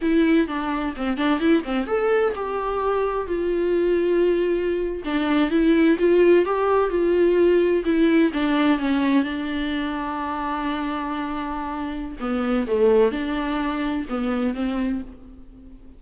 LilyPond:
\new Staff \with { instrumentName = "viola" } { \time 4/4 \tempo 4 = 128 e'4 d'4 c'8 d'8 e'8 c'8 | a'4 g'2 f'4~ | f'2~ f'8. d'4 e'16~ | e'8. f'4 g'4 f'4~ f'16~ |
f'8. e'4 d'4 cis'4 d'16~ | d'1~ | d'2 b4 a4 | d'2 b4 c'4 | }